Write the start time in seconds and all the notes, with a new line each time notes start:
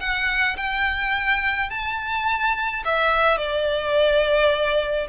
0.00 F#5
0.57 G5
1.70 A5
2.85 E5
3.38 D5